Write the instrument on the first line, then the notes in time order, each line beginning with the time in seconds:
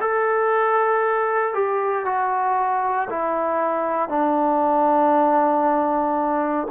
trombone
0.00 A4
1.53 G4
2.05 F#4
3.09 E4
4.09 D4